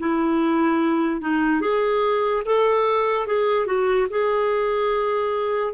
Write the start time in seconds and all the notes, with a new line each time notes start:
0.00 E4
1.21 D#4
1.61 G#4
2.46 A4
3.27 G#4
3.67 F#4
4.11 G#4